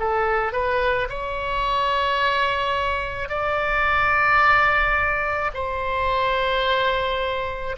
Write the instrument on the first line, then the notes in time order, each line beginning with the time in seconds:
oboe
0.00 A4
0.53 B4
1.10 C#5
3.29 D5
5.55 C5